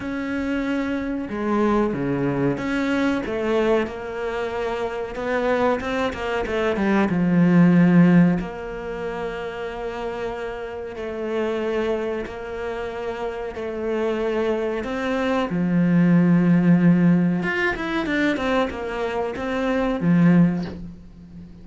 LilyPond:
\new Staff \with { instrumentName = "cello" } { \time 4/4 \tempo 4 = 93 cis'2 gis4 cis4 | cis'4 a4 ais2 | b4 c'8 ais8 a8 g8 f4~ | f4 ais2.~ |
ais4 a2 ais4~ | ais4 a2 c'4 | f2. f'8 e'8 | d'8 c'8 ais4 c'4 f4 | }